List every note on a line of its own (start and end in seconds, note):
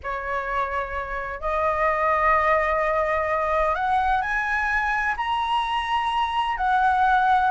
0.03 1.40 C#5
1.40 3.74 D#5
3.74 4.21 F#5
4.21 5.15 G#5
5.16 6.57 A#5
6.57 7.50 F#5